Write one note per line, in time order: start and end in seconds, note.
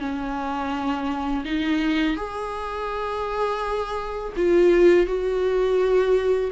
0.00 1.45 C#4
1.45 2.17 D#4
2.17 4.34 G#4
4.37 5.07 F4
5.07 6.51 F#4